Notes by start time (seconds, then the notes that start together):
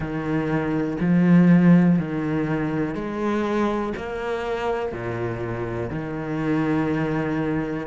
0.00 D#3
1.00 F3
1.99 D#3
2.94 G#3
3.96 A#3
4.92 A#2
5.90 D#3